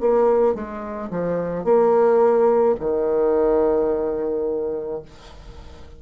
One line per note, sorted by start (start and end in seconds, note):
0.00 0.55 A#3
0.55 1.10 G#3
1.10 1.65 F3
1.65 2.76 A#3
2.80 5.02 D#3